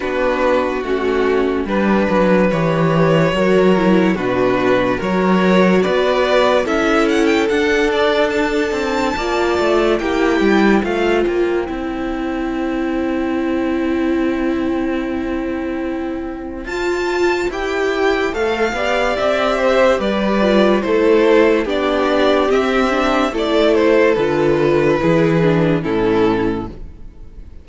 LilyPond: <<
  \new Staff \with { instrumentName = "violin" } { \time 4/4 \tempo 4 = 72 b'4 fis'4 b'4 cis''4~ | cis''4 b'4 cis''4 d''4 | e''8 fis''16 g''16 fis''8 d''8 a''2 | g''4 f''8 g''2~ g''8~ |
g''1 | a''4 g''4 f''4 e''4 | d''4 c''4 d''4 e''4 | d''8 c''8 b'2 a'4 | }
  \new Staff \with { instrumentName = "violin" } { \time 4/4 fis'2 b'2 | ais'4 fis'4 ais'4 b'4 | a'2. d''4 | g'4 c''2.~ |
c''1~ | c''2~ c''8 d''4 c''8 | b'4 a'4 g'2 | a'2 gis'4 e'4 | }
  \new Staff \with { instrumentName = "viola" } { \time 4/4 d'4 cis'4 d'4 g'4 | fis'8 e'8 d'4 fis'2 | e'4 d'2 f'4 | e'4 f'4 e'2~ |
e'1 | f'4 g'4 a'8 g'4.~ | g'8 f'8 e'4 d'4 c'8 d'8 | e'4 f'4 e'8 d'8 cis'4 | }
  \new Staff \with { instrumentName = "cello" } { \time 4/4 b4 a4 g8 fis8 e4 | fis4 b,4 fis4 b4 | cis'4 d'4. c'8 ais8 a8 | ais8 g8 a8 ais8 c'2~ |
c'1 | f'4 e'4 a8 b8 c'4 | g4 a4 b4 c'4 | a4 d4 e4 a,4 | }
>>